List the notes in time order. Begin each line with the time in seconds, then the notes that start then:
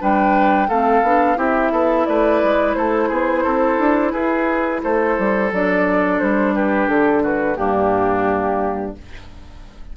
0.00 G3 D4 B4 G5
0.68 A3 C4 A4 F5
1.02 B3 D4
1.36 C4 E4 G4 E5
1.71 B3 A4
2.06 A3 B4 D5
2.44 G#3
2.74 A3 A4 C5
3.09 B3 G#4
3.43 C4 A4
3.79 D4
4.12 E4 G#4 B4
4.83 A3 A4 C5
5.18 G3
5.52 F#3 D4 D5
6.19 G3 C5
6.54 G4 B4
6.88 D3 A4
7.23 F#4 B4
7.55 G2 A#3 D4 G4